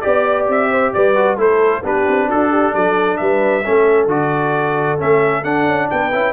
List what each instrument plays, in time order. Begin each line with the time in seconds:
0.00 trombone G4, trumpet D5, horn D5
0.06 tuba B3
0.48 tuba C4, trumpet E5
0.71 horn C5
0.93 tuba G3, horn B4, trumpet D5
1.15 trombone F#4
1.37 tuba A3, trombone E4, horn A4, trumpet C5
1.83 tuba B3, trombone D4, horn G4, trumpet B4
2.07 tuba C4
2.29 tuba D4, horn F#4, trumpet A4
2.51 horn G4
2.73 tuba F#3, horn A4, trumpet D5
3.17 tuba G3, horn B4, trumpet E5
3.64 tuba A3, trombone C#4, horn A4
4.06 tuba D3, trombone F#4, trumpet D5
4.98 tuba A3, trombone C#4, trumpet E5
5.44 tuba D4, trombone D4, trumpet F#5
5.66 tuba C#4
5.90 tuba B3, horn B4, trumpet G5
6.12 tuba C#4, trombone E4